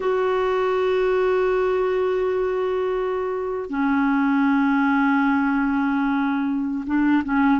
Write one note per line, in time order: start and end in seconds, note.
0.00 3.69 F#4
3.69 6.84 C#4
6.86 7.23 D4
7.24 7.60 C#4